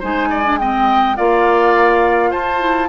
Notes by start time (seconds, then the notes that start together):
0.00 G#3 D#4 C5 G#5
0.30 D5
0.45 D4
0.59 C4 D#5 G5
1.17 A#3 F4 D5 F5
2.31 F4 C5 A5
2.60 E4